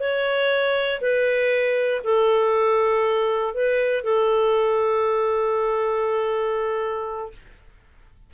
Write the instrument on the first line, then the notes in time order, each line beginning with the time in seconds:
clarinet
0.00 C#5
1.01 B4
2.04 A4
3.54 B4
4.04 A4